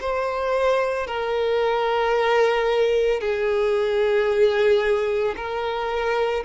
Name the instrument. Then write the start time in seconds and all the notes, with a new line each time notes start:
violin
0.00 C5
1.07 A#4
3.20 G#4
5.36 A#4